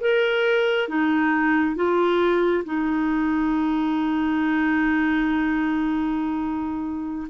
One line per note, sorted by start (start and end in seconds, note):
0.00 0.88 A#4
0.88 1.76 D#4
1.76 2.64 F4
2.65 7.28 D#4